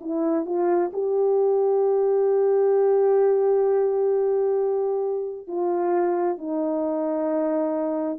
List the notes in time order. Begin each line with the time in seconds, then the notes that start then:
0.00 E4
0.45 F4
0.93 G4
5.47 F4
6.37 D#4